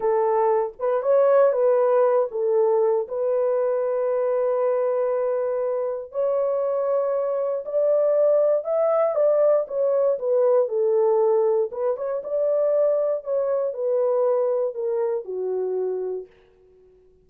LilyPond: \new Staff \with { instrumentName = "horn" } { \time 4/4 \tempo 4 = 118 a'4. b'8 cis''4 b'4~ | b'8 a'4. b'2~ | b'1 | cis''2. d''4~ |
d''4 e''4 d''4 cis''4 | b'4 a'2 b'8 cis''8 | d''2 cis''4 b'4~ | b'4 ais'4 fis'2 | }